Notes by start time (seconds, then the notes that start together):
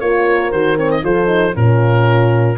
0.00 A#3 F4 A#4 C#5
0.52 D#3 F#4 C5
0.77 C4 C#5
0.91 D#5
1.04 F3 F4 A4 C5
1.26 D#4
1.54 A#2 C#4 F4 A#4